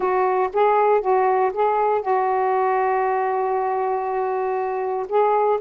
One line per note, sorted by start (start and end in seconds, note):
0.00 0.49 F#4
0.53 1.01 G#4
1.01 1.51 F#4
1.53 2.01 G#4
2.01 5.06 F#4
5.08 5.59 G#4